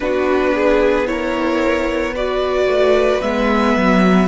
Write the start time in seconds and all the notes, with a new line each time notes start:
0.00 B3 D4 F#4 B4
0.54 G#4
1.06 E4 A#4 C#5
2.13 F#4 B4 D5
2.67 A3
3.21 G#3 B3 E5
3.76 F#3